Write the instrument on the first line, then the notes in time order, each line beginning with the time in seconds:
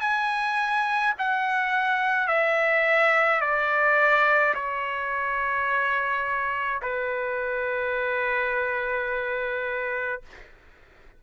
trumpet
0.00 G#5
1.18 F#5
2.27 E5
3.41 D5
4.54 C#5
6.82 B4